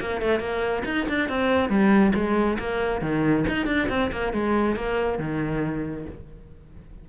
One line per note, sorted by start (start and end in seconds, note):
0.00 0.21 A#3
0.21 0.40 A3
0.40 0.83 A#3
0.85 1.07 D#4
1.08 1.29 D4
1.29 1.69 C4
1.69 2.13 G3
2.14 2.58 G#3
2.59 3.01 A#3
3.01 3.45 D#3
3.48 3.66 D#4
3.66 3.88 D4
3.89 4.11 C4
4.12 4.33 A#3
4.33 4.76 G#3
4.76 5.19 A#3
5.19 6.06 D#3